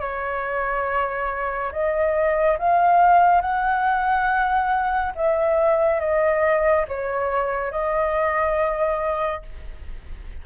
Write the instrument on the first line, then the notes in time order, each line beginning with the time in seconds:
flute
0.00 C#5
1.72 D#5
2.58 F5
3.41 F#5
5.15 E5
6.00 D#5
6.88 C#5
7.71 D#5